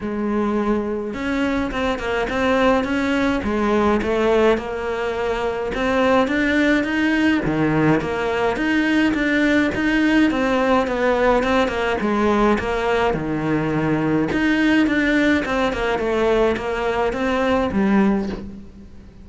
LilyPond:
\new Staff \with { instrumentName = "cello" } { \time 4/4 \tempo 4 = 105 gis2 cis'4 c'8 ais8 | c'4 cis'4 gis4 a4 | ais2 c'4 d'4 | dis'4 dis4 ais4 dis'4 |
d'4 dis'4 c'4 b4 | c'8 ais8 gis4 ais4 dis4~ | dis4 dis'4 d'4 c'8 ais8 | a4 ais4 c'4 g4 | }